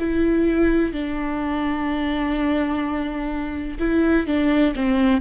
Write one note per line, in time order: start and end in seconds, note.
0.00 0.93 E4
0.93 3.79 D4
3.80 4.27 E4
4.27 4.74 D4
4.76 5.22 C4